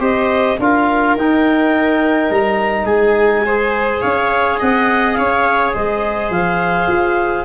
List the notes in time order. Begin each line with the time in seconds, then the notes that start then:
0.00 C4 G4 C5 D#5
0.59 D4 F4 A#4 F5
1.16 D#4 G5
2.31 G3 A#5
2.85 G#3 G#4 G#5
3.46 G#4 C5
4.01 C#4 C#5 F5
4.59 C4 D#5 F#5
5.14 C#4 C#5 F5
5.74 G#3 C5 D#5
6.30 F3 F5
6.88 F4